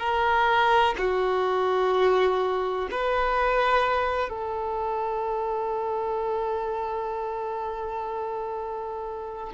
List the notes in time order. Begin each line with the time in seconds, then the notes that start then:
0.00 A#4
0.98 F#4
2.91 B4
4.29 A4